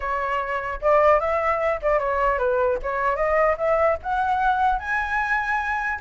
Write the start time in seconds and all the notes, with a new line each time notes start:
0.00 C#5
0.81 D5
1.20 E5
1.82 D5
1.99 C#5
2.38 B4
2.82 C#5
3.15 D#5
3.57 E5
4.02 F#5
4.79 G#5